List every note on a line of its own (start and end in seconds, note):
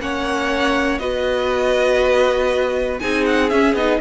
0.00 0.99 A#3
0.00 1.00 C#4
0.00 1.01 C#5
0.00 0.99 F#5
0.99 2.99 B3
0.99 3.00 F#4
0.99 3.01 B4
0.99 2.99 D#5
3.00 3.52 C4
3.00 3.51 D#4
3.00 4.01 G#4
3.00 3.25 G#5
3.26 3.50 F#5
3.50 3.76 C#4
3.50 3.74 C#4
3.50 3.75 E5
3.74 3.99 B3
3.74 4.01 D#4
3.74 4.01 D#5